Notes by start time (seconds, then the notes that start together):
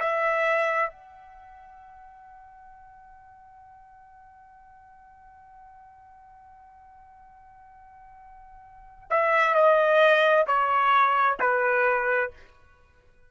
0.00 E5
0.90 F#5
9.10 E5
9.55 D#5
10.47 C#5
11.40 B4